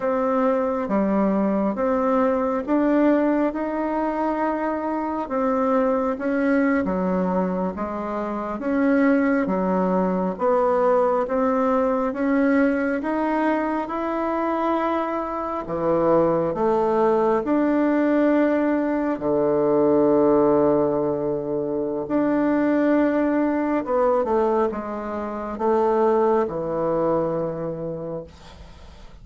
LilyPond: \new Staff \with { instrumentName = "bassoon" } { \time 4/4 \tempo 4 = 68 c'4 g4 c'4 d'4 | dis'2 c'4 cis'8. fis16~ | fis8. gis4 cis'4 fis4 b16~ | b8. c'4 cis'4 dis'4 e'16~ |
e'4.~ e'16 e4 a4 d'16~ | d'4.~ d'16 d2~ d16~ | d4 d'2 b8 a8 | gis4 a4 e2 | }